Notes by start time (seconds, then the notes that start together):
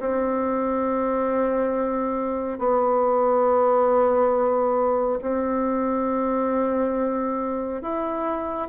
0.00 C4
2.59 B3
5.22 C4
7.82 E4